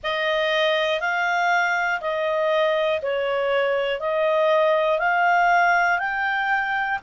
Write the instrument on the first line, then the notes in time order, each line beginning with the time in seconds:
clarinet
0.03 D#5
1.00 F5
2.00 D#5
3.01 C#5
4.00 D#5
4.98 F5
5.98 G5